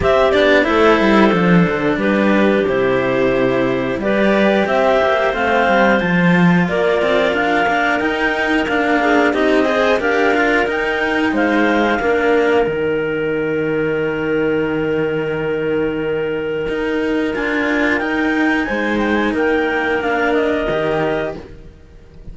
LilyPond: <<
  \new Staff \with { instrumentName = "clarinet" } { \time 4/4 \tempo 4 = 90 e''8 d''8 c''2 b'4 | c''2 d''4 e''4 | f''4 a''4 d''4 f''4 | g''4 f''4 dis''4 f''4 |
g''4 f''2 g''4~ | g''1~ | g''2 gis''4 g''4 | gis''8 g''16 gis''16 g''4 f''8 dis''4. | }
  \new Staff \with { instrumentName = "clarinet" } { \time 4/4 g'4 a'2 g'4~ | g'2 b'4 c''4~ | c''2 ais'2~ | ais'4. gis'8 g'8 c''8 ais'4~ |
ais'4 c''4 ais'2~ | ais'1~ | ais'1 | c''4 ais'2. | }
  \new Staff \with { instrumentName = "cello" } { \time 4/4 c'8 d'8 e'4 d'2 | e'2 g'2 | c'4 f'2~ f'8 d'8 | dis'4 d'4 dis'8 gis'8 g'8 f'8 |
dis'2 d'4 dis'4~ | dis'1~ | dis'2 f'4 dis'4~ | dis'2 d'4 g'4 | }
  \new Staff \with { instrumentName = "cello" } { \time 4/4 c'8 b8 a8 g8 f8 d8 g4 | c2 g4 c'8 ais8 | a8 g8 f4 ais8 c'8 d'8 ais8 | dis'4 ais4 c'4 d'4 |
dis'4 gis4 ais4 dis4~ | dis1~ | dis4 dis'4 d'4 dis'4 | gis4 ais2 dis4 | }
>>